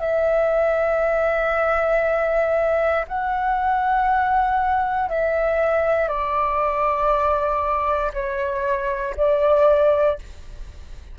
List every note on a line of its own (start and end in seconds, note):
0.00 3.05 E5
3.08 5.09 F#5
5.09 6.08 E5
6.08 8.12 D5
8.14 9.15 C#5
9.17 10.19 D5